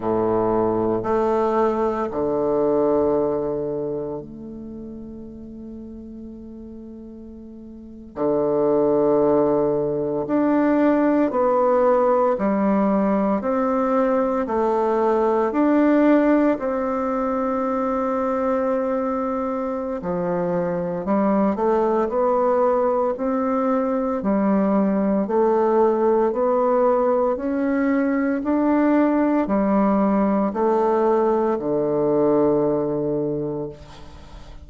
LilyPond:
\new Staff \with { instrumentName = "bassoon" } { \time 4/4 \tempo 4 = 57 a,4 a4 d2 | a2.~ a8. d16~ | d4.~ d16 d'4 b4 g16~ | g8. c'4 a4 d'4 c'16~ |
c'2. f4 | g8 a8 b4 c'4 g4 | a4 b4 cis'4 d'4 | g4 a4 d2 | }